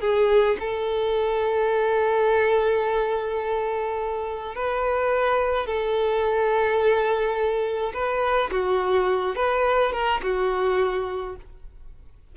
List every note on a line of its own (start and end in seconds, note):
0.00 0.57 G#4
0.59 4.55 A4
4.55 5.66 B4
5.66 7.92 A4
7.93 8.50 B4
8.51 9.35 F#4
9.35 9.92 B4
9.92 10.20 A#4
10.22 11.36 F#4